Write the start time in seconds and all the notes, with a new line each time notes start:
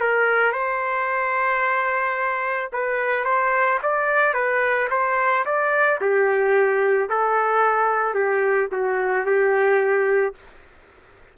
0.00 A#4
0.52 C5
2.73 B4
3.24 C5
3.82 D5
4.34 B4
4.90 C5
5.45 D5
6.01 G4
7.09 A4
8.14 G4
8.72 F#4
9.26 G4